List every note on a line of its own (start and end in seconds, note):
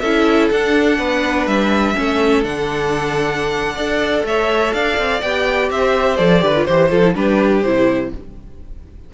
0.00 0.51 C#4
0.00 0.53 E4
0.00 0.98 A4
0.00 0.48 E5
0.51 0.99 D4
0.51 1.95 D4
0.51 1.47 F#5
0.98 1.46 B3
0.98 1.95 B4
1.46 1.95 G3
1.46 2.44 E5
1.95 2.45 A3
1.95 2.43 C#4
1.95 3.75 A4
2.43 3.77 D3
2.43 3.76 D4
2.43 4.26 F#5
3.75 4.24 D4
3.75 5.23 A4
3.75 4.23 D5
4.24 4.72 A3
4.24 4.74 C#5
4.24 4.73 E5
4.73 4.98 D4
4.73 5.71 D5
4.73 5.21 F5
4.98 5.22 C4
5.21 5.71 B3
5.21 6.18 G4
5.21 5.70 G5
5.71 6.19 C4
5.71 6.44 C5
5.71 6.17 E5
6.17 6.43 F3
6.17 6.40 A4
6.17 6.65 D5
6.40 6.67 D3
6.40 6.53 G4
6.40 6.68 B4
6.56 6.68 F4
6.65 6.92 E3
6.65 6.90 G4
6.65 6.90 C5
6.65 7.15 C5
6.90 7.15 F3
6.90 7.02 F4
6.90 7.14 A4
7.03 7.15 E4
7.15 7.63 G3
7.15 7.63 D4
7.15 8.12 G4
7.15 7.62 B4
7.62 8.12 C3
7.62 8.14 E4
7.62 8.11 C5